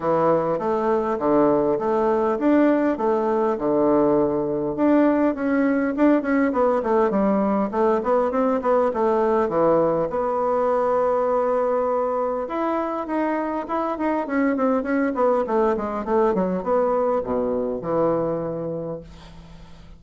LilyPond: \new Staff \with { instrumentName = "bassoon" } { \time 4/4 \tempo 4 = 101 e4 a4 d4 a4 | d'4 a4 d2 | d'4 cis'4 d'8 cis'8 b8 a8 | g4 a8 b8 c'8 b8 a4 |
e4 b2.~ | b4 e'4 dis'4 e'8 dis'8 | cis'8 c'8 cis'8 b8 a8 gis8 a8 fis8 | b4 b,4 e2 | }